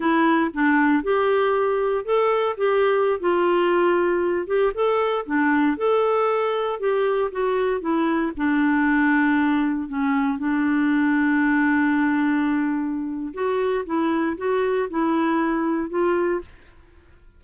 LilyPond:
\new Staff \with { instrumentName = "clarinet" } { \time 4/4 \tempo 4 = 117 e'4 d'4 g'2 | a'4 g'4~ g'16 f'4.~ f'16~ | f'8. g'8 a'4 d'4 a'8.~ | a'4~ a'16 g'4 fis'4 e'8.~ |
e'16 d'2. cis'8.~ | cis'16 d'2.~ d'8.~ | d'2 fis'4 e'4 | fis'4 e'2 f'4 | }